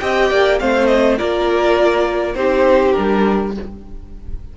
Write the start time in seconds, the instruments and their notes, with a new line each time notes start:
0.00 cello C4, viola G4, violin D#5 G5
0.31 cello A#3, violin D5
0.60 cello A3, viola C4, violin C5 F5
0.87 violin D#5
1.18 cello A#3, viola F4, violin A#4 D5
2.35 cello C4, viola D#4, violin G4 C5
2.93 cello G3, viola D4, violin A#4